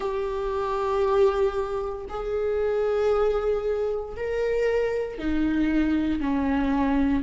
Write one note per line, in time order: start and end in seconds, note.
0.00 2.05 G4
2.09 4.16 G#4
4.16 5.18 A#4
5.18 6.20 D#4
6.20 7.23 C#4